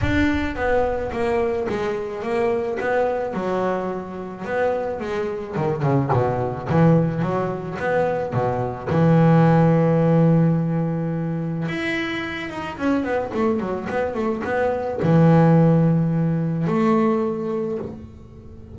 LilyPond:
\new Staff \with { instrumentName = "double bass" } { \time 4/4 \tempo 4 = 108 d'4 b4 ais4 gis4 | ais4 b4 fis2 | b4 gis4 dis8 cis8 b,4 | e4 fis4 b4 b,4 |
e1~ | e4 e'4. dis'8 cis'8 b8 | a8 fis8 b8 a8 b4 e4~ | e2 a2 | }